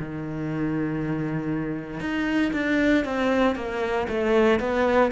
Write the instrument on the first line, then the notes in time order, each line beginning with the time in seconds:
cello
0.00 D#3
2.01 D#4
2.53 D4
3.05 C4
3.56 A#3
4.09 A3
4.60 B3